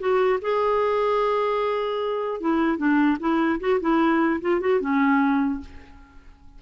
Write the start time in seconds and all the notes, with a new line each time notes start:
0.00 F#4
0.42 G#4
2.41 E4
2.78 D4
3.20 E4
3.60 F#4
3.81 E4
4.42 F4
4.61 F#4
4.81 C#4